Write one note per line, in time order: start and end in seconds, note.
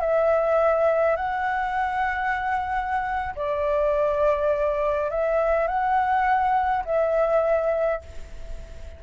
0.00 1.16 E5
1.16 3.34 F#5
3.35 5.10 D5
5.10 5.67 E5
5.67 6.84 F#5
6.85 8.02 E5